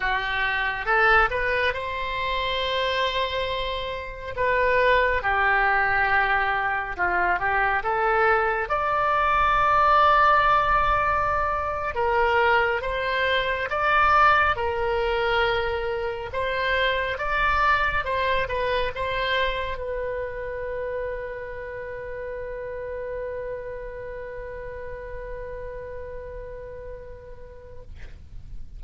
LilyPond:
\new Staff \with { instrumentName = "oboe" } { \time 4/4 \tempo 4 = 69 g'4 a'8 b'8 c''2~ | c''4 b'4 g'2 | f'8 g'8 a'4 d''2~ | d''4.~ d''16 ais'4 c''4 d''16~ |
d''8. ais'2 c''4 d''16~ | d''8. c''8 b'8 c''4 b'4~ b'16~ | b'1~ | b'1 | }